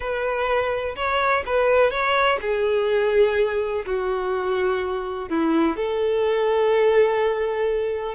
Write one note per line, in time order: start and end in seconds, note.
0.00 0.95 B4
0.95 1.43 C#5
1.45 1.90 B4
1.90 2.38 C#5
2.41 3.85 G#4
3.85 5.29 F#4
5.29 5.76 E4
5.76 8.14 A4